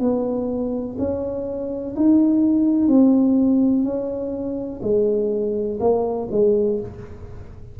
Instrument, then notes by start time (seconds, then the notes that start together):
tuba
0.00 B3
0.99 C#4
1.96 D#4
2.88 C4
3.84 C#4
4.83 G#3
5.81 A#3
6.31 G#3